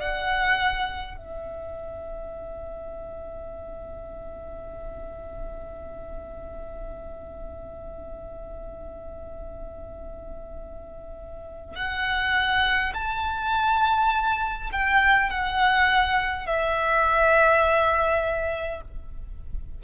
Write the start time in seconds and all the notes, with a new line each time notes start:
0.00 F#5
1.18 E5
11.75 F#5
12.94 A5
14.72 G5
15.30 F#5
16.47 E5